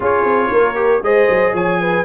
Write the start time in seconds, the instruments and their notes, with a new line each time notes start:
0.00 tuba C#4, trombone F4, horn G#4, trumpet C#5
0.24 tuba C4
0.51 tuba A#3, horn A#4
0.75 trombone G4
1.02 tuba G#3, trombone G#4, horn C5, trumpet D#5
1.29 tuba F#3
1.53 tuba F3, horn C#5, trumpet G#5
1.80 horn B4